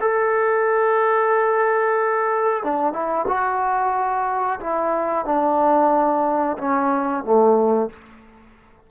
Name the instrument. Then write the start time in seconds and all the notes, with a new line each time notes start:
trombone
0.00 A4
2.63 D4
2.92 E4
3.27 F#4
4.60 E4
5.25 D4
6.58 C#4
7.23 A3